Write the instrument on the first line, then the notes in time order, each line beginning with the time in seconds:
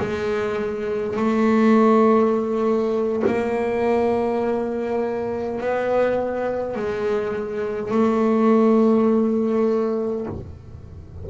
double bass
0.00 G#3
1.17 A3
3.27 A#3
5.61 B3
6.76 G#3
7.91 A3